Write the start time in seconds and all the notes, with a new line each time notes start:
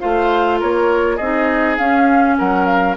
0.00 A3 F4 C5 F5
0.60 A#3 A#4 C#5
1.16 C4 D#4 G#4 D#5
1.78 C#4 F5
2.38 F#3 A#4 F#5
2.66 F5